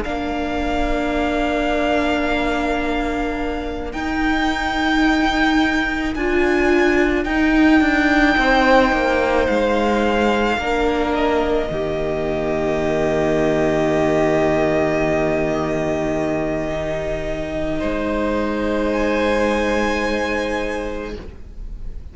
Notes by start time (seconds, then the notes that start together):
0.00 A#3 D4 A#4 F5
3.92 D#4 G5
6.15 D4 F4 G#5
7.24 D#4 G5
7.81 D4
8.37 C4 C5
8.92 A#3
9.47 G#3 F5
10.57 A#3 D4 A#4
11.15 D#5
11.69 D#3 A#3 G4
16.69 D#4
17.79 G#3 C5
18.92 G#5